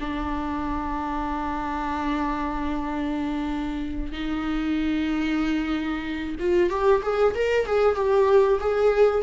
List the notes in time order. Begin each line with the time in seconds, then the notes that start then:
0.00 D4
4.12 D#4
6.39 F4
6.69 G4
7.02 G#4
7.34 A#4
7.66 G#4
7.95 G4
8.60 G#4